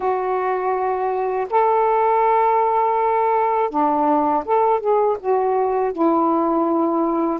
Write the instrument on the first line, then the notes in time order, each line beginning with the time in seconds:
saxophone
0.00 F#4
1.50 A4
3.69 D4
4.45 A4
4.79 G#4
5.19 F#4
5.92 E4